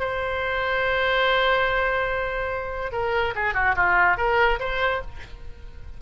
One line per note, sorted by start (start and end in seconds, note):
0.00 2.92 C5
2.92 3.34 A#4
3.36 3.55 G#4
3.55 3.76 F#4
3.76 4.17 F4
4.17 4.59 A#4
4.60 5.02 C5